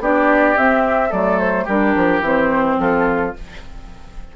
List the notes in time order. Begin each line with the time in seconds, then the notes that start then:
0.00 B3 D4 G4 D5
0.56 C4 E5
1.10 F#3 A3 A4 D5
1.39 C5
1.65 G3 D4 G4 A#4
1.96 F3
2.21 E3 C4
2.27 C5
2.79 F3 F4 A4